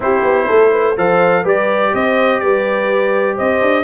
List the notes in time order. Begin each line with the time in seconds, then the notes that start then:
0.00 C4 E4 G4 C5
0.23 B3
0.46 A3 A4
0.71 B4
0.96 F3 A4 C5 F5
1.42 G3 G4 B4 D5
1.93 C4 C5 D#5
2.40 G3 B4 D5
3.35 C4 C5 D#5
3.61 D4